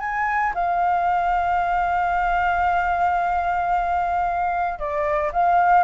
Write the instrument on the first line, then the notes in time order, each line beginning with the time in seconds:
flute
0.00 G#5
0.55 F5
4.79 D5
5.32 F5